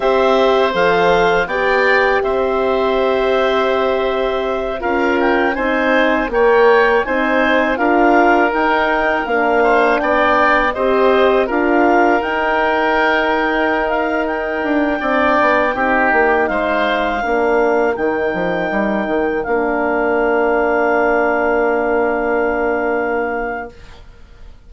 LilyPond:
<<
  \new Staff \with { instrumentName = "clarinet" } { \time 4/4 \tempo 4 = 81 e''4 f''4 g''4 e''4~ | e''2~ e''8 f''8 g''8 gis''8~ | gis''8 g''4 gis''4 f''4 g''8~ | g''8 f''4 g''4 dis''4 f''8~ |
f''8 g''2~ g''16 f''8 g''8.~ | g''2~ g''16 f''4.~ f''16~ | f''16 g''2 f''4.~ f''16~ | f''1 | }
  \new Staff \with { instrumentName = "oboe" } { \time 4/4 c''2 d''4 c''4~ | c''2~ c''8 ais'4 c''8~ | c''8 cis''4 c''4 ais'4.~ | ais'4 c''8 d''4 c''4 ais'8~ |
ais'1~ | ais'16 d''4 g'4 c''4 ais'8.~ | ais'1~ | ais'1 | }
  \new Staff \with { instrumentName = "horn" } { \time 4/4 g'4 a'4 g'2~ | g'2~ g'8 f'4 dis'8~ | dis'8 ais'4 dis'4 f'4 dis'8~ | dis'8 d'2 g'4 f'8~ |
f'8 dis'2.~ dis'8~ | dis'16 d'4 dis'2 d'8.~ | d'16 dis'2 d'4.~ d'16~ | d'1 | }
  \new Staff \with { instrumentName = "bassoon" } { \time 4/4 c'4 f4 b4 c'4~ | c'2~ c'8 cis'4 c'8~ | c'8 ais4 c'4 d'4 dis'8~ | dis'8 ais4 b4 c'4 d'8~ |
d'8 dis'2.~ dis'16 d'16~ | d'16 c'8 b8 c'8 ais8 gis4 ais8.~ | ais16 dis8 f8 g8 dis8 ais4.~ ais16~ | ais1 | }
>>